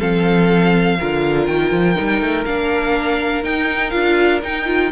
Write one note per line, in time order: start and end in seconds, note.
0.00 1.00 F3
0.00 0.98 C4
0.00 0.98 A4
0.00 1.47 F5
1.00 1.48 D3
1.00 1.96 F4
1.00 4.92 A#4
1.47 1.72 D#3
1.47 2.45 G5
1.72 1.96 F3
1.96 2.21 G3
1.96 2.45 D#4
2.21 2.46 A3
2.45 3.44 A#3
2.45 3.44 D4
2.45 3.44 F5
3.44 3.92 D#4
3.44 3.94 D#4
3.44 3.91 G5
3.91 4.43 D4
3.91 4.41 F4
3.91 4.40 F5
4.43 4.92 D#4
4.43 4.66 D#4
4.43 4.92 G5
4.66 4.91 F4